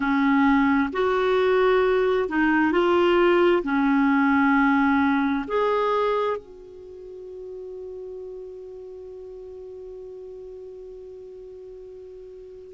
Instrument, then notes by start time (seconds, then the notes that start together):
clarinet
0.00 C#4
0.92 F#4
2.28 D#4
2.71 F4
3.63 C#4
5.48 G#4
6.37 F#4